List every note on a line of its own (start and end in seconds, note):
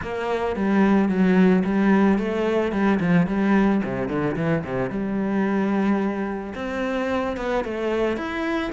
0.02 0.56 A#3
0.56 1.08 G3
1.08 1.63 F#3
1.64 2.18 G3
2.18 2.71 A3
2.71 2.99 G3
3.00 3.27 F3
3.27 3.81 G3
3.84 4.08 C3
4.08 4.35 D3
4.36 4.63 E3
4.64 4.90 C3
4.90 6.53 G3
6.55 7.36 C4
7.37 7.64 B3
7.64 8.16 A3
8.16 8.71 E4